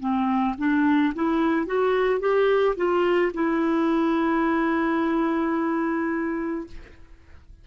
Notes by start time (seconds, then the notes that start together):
0.00 C4
0.58 D4
1.15 E4
1.67 F#4
2.20 G4
2.76 F4
3.34 E4